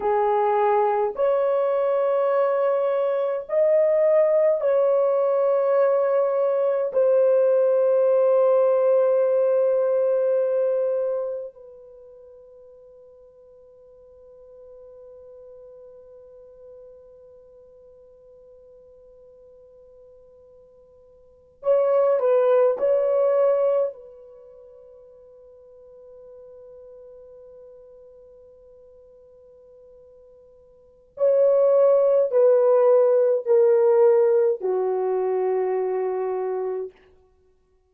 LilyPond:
\new Staff \with { instrumentName = "horn" } { \time 4/4 \tempo 4 = 52 gis'4 cis''2 dis''4 | cis''2 c''2~ | c''2 b'2~ | b'1~ |
b'2~ b'8. cis''8 b'8 cis''16~ | cis''8. b'2.~ b'16~ | b'2. cis''4 | b'4 ais'4 fis'2 | }